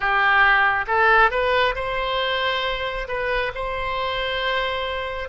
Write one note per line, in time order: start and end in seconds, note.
0.00 0.85 G4
0.87 1.30 A4
1.30 1.74 B4
1.75 3.07 C5
3.08 3.52 B4
3.54 5.29 C5